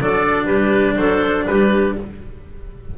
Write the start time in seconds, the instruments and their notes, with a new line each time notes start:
0.00 double bass F#3, cello D4, clarinet A4, oboe D5
0.45 double bass G3, clarinet G4, oboe B4
0.96 double bass F#3, clarinet A4, oboe C5
1.46 double bass G3, clarinet G4, oboe B4